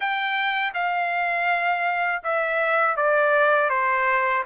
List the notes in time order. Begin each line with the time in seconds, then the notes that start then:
0.00 G5
0.74 F5
2.23 E5
2.96 D5
3.69 C5